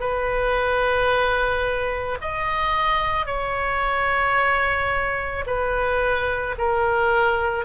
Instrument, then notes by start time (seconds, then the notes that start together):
oboe
0.00 B4
2.21 D#5
3.26 C#5
5.46 B4
6.58 A#4